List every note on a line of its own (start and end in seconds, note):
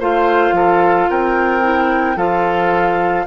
0.00 0.52 A3
0.00 1.61 F4
0.00 0.55 C5
0.00 1.10 F5
0.52 1.07 F3
0.52 1.10 A4
1.10 2.16 C4
1.10 2.17 A#4
1.10 2.18 G5
1.61 2.16 E4
2.16 3.25 F3
2.16 3.26 F4
2.16 3.26 A4
2.16 3.27 F5